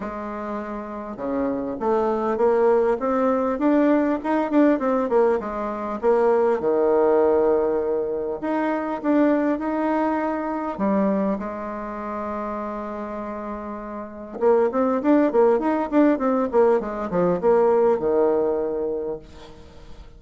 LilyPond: \new Staff \with { instrumentName = "bassoon" } { \time 4/4 \tempo 4 = 100 gis2 cis4 a4 | ais4 c'4 d'4 dis'8 d'8 | c'8 ais8 gis4 ais4 dis4~ | dis2 dis'4 d'4 |
dis'2 g4 gis4~ | gis1 | ais8 c'8 d'8 ais8 dis'8 d'8 c'8 ais8 | gis8 f8 ais4 dis2 | }